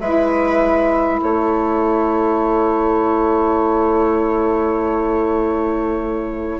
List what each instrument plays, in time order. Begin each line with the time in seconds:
0.00 bassoon G#3, saxophone E4, viola B4, flute E5
1.20 bassoon A3, viola A4, flute C#5